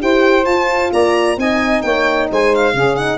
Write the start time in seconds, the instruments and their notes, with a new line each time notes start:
0.00 tuba E4, horn G4, saxophone C5, violin G5
0.46 tuba F4, horn F4, violin A5
0.93 tuba A#3, saxophone D5, violin A#5
1.37 tuba C4, horn D#4, saxophone D#5, violin G#5
1.82 tuba A#3, saxophone C#5, violin G5
2.31 tuba G#3, saxophone C5, violin G#5
2.55 violin F5
2.74 tuba C#3, horn C#4, saxophone G#4
2.96 horn D#4, violin F#5